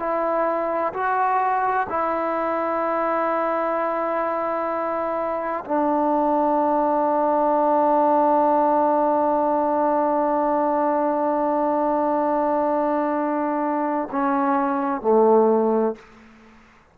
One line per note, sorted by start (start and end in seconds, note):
0.00 0.94 E4
0.94 1.87 F#4
1.90 5.65 E4
5.65 14.09 D4
14.12 15.02 C#4
15.02 15.96 A3